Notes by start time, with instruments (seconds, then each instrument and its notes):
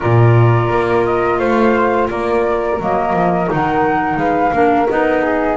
0.00 double bass A#2, clarinet F4, flute A#4 D5
0.69 double bass A#3
1.05 flute D#5
1.38 double bass A3, flute C5 F5
2.09 double bass A#3, flute A#4 D5
2.80 double bass F#3, clarinet A#3, flute D#5
3.13 double bass F3
3.46 clarinet D#4
3.52 double bass D#3, flute F#5
4.16 double bass G#3, flute B4 F5
4.51 double bass A#3, clarinet D4, flute A#4
4.88 double bass B3, clarinet D#4, flute D#5
5.22 flute G#4